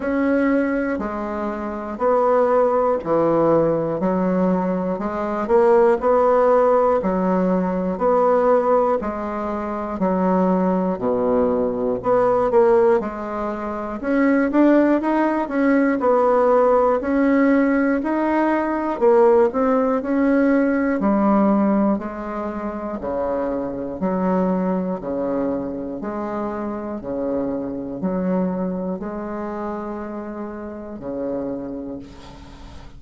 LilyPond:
\new Staff \with { instrumentName = "bassoon" } { \time 4/4 \tempo 4 = 60 cis'4 gis4 b4 e4 | fis4 gis8 ais8 b4 fis4 | b4 gis4 fis4 b,4 | b8 ais8 gis4 cis'8 d'8 dis'8 cis'8 |
b4 cis'4 dis'4 ais8 c'8 | cis'4 g4 gis4 cis4 | fis4 cis4 gis4 cis4 | fis4 gis2 cis4 | }